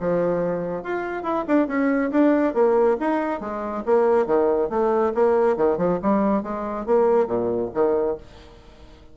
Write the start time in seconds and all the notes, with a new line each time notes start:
0.00 F3
0.83 F4
1.23 E4
1.48 D4
1.68 C#4
2.11 D4
2.54 A#3
3.00 D#4
3.40 G#3
3.86 A#3
4.26 D#3
4.70 A3
5.14 A#3
5.57 D#3
5.78 F3
6.03 G3
6.43 G#3
6.86 A#3
7.27 A#2
7.74 D#3